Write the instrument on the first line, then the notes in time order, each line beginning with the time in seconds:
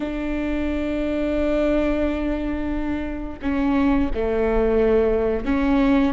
viola
0.00 D4
3.42 C#4
4.14 A3
5.45 C#4